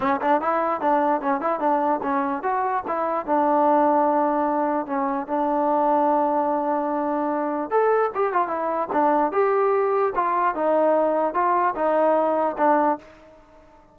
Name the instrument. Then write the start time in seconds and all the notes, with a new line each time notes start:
trombone
0.00 C#4
0.21 D4
0.41 E4
0.81 D4
1.21 C#4
1.40 E4
1.59 D4
2.02 C#4
2.43 F#4
2.87 E4
3.25 D4
4.86 C#4
5.27 D4
7.70 A4
8.14 G4
8.32 F4
8.47 E4
8.92 D4
9.32 G4
10.15 F4
10.54 D#4
11.33 F4
11.75 D#4
12.57 D4